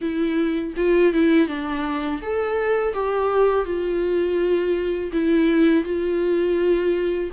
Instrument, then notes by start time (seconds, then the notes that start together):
viola
0.01 E4
0.76 F4
1.13 E4
1.47 D4
2.22 A4
2.93 G4
3.65 F4
5.12 E4
5.84 F4